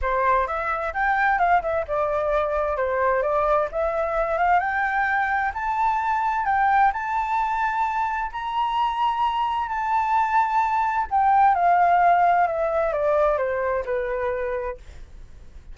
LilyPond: \new Staff \with { instrumentName = "flute" } { \time 4/4 \tempo 4 = 130 c''4 e''4 g''4 f''8 e''8 | d''2 c''4 d''4 | e''4. f''8 g''2 | a''2 g''4 a''4~ |
a''2 ais''2~ | ais''4 a''2. | g''4 f''2 e''4 | d''4 c''4 b'2 | }